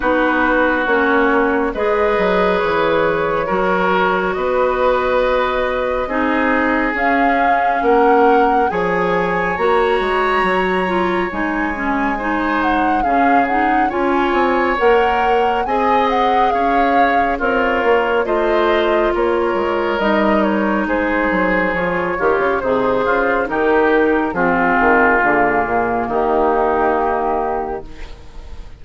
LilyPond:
<<
  \new Staff \with { instrumentName = "flute" } { \time 4/4 \tempo 4 = 69 b'4 cis''4 dis''4 cis''4~ | cis''4 dis''2. | f''4 fis''4 gis''4 ais''4~ | ais''4 gis''4. fis''8 f''8 fis''8 |
gis''4 fis''4 gis''8 fis''8 f''4 | cis''4 dis''4 cis''4 dis''8 cis''8 | c''4 cis''4 c''4 ais'4 | gis'2 g'2 | }
  \new Staff \with { instrumentName = "oboe" } { \time 4/4 fis'2 b'2 | ais'4 b'2 gis'4~ | gis'4 ais'4 cis''2~ | cis''2 c''4 gis'4 |
cis''2 dis''4 cis''4 | f'4 c''4 ais'2 | gis'4. f'8 dis'8 f'8 g'4 | f'2 dis'2 | }
  \new Staff \with { instrumentName = "clarinet" } { \time 4/4 dis'4 cis'4 gis'2 | fis'2. dis'4 | cis'2 gis'4 fis'4~ | fis'8 f'8 dis'8 cis'8 dis'4 cis'8 dis'8 |
f'4 ais'4 gis'2 | ais'4 f'2 dis'4~ | dis'4 f'8 g'8 gis'4 dis'4 | c'4 ais2. | }
  \new Staff \with { instrumentName = "bassoon" } { \time 4/4 b4 ais4 gis8 fis8 e4 | fis4 b2 c'4 | cis'4 ais4 f4 ais8 gis8 | fis4 gis2 cis4 |
cis'8 c'8 ais4 c'4 cis'4 | c'8 ais8 a4 ais8 gis8 g4 | gis8 fis8 f8 dis16 cis16 c8 cis8 dis4 | f8 dis8 d8 ais,8 dis2 | }
>>